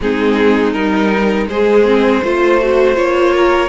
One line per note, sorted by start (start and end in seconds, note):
0.00 0.73 G#3
0.00 0.74 C4
0.00 1.49 D#4
0.00 0.72 G#4
0.72 1.46 G3
0.72 1.48 D#4
0.72 1.46 A#4
1.46 2.20 G#3
1.46 1.85 G#3
1.46 2.23 G#4
1.46 2.95 C5
1.85 2.22 C4
2.23 2.97 A3
2.23 2.61 F4
2.23 3.34 C5
2.61 2.95 F#4
2.95 3.68 A#3
2.95 3.68 F4
2.95 3.68 C#5
3.34 3.68 A#4